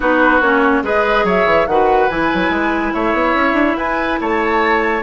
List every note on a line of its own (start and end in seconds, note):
0.00 0.40 B3
0.00 0.41 D#4
0.00 0.83 F#4
0.00 0.41 B4
0.40 0.82 A#3
0.40 0.83 C#4
0.40 0.83 C#5
0.83 1.23 G#3
0.83 1.67 G#4
0.83 1.25 B4
0.83 1.27 D#5
1.23 1.44 F#3
1.23 1.67 C#5
1.23 1.67 E5
1.45 1.66 E3
1.67 2.08 D#3
1.67 2.10 F#4
1.67 2.93 B4
1.67 2.09 F#5
2.09 2.31 E3
2.09 5.02 E4
2.09 2.93 G#5
2.34 2.50 F#3
2.50 2.92 G#3
2.93 3.13 A3
2.93 3.77 C#5
2.93 3.77 E5
3.13 3.34 B3
3.35 3.53 C#4
3.53 3.74 D4
3.77 4.19 E4
3.77 4.19 B4
3.77 4.19 G#5
4.20 5.02 A3
4.20 5.02 C#5
4.20 5.02 A5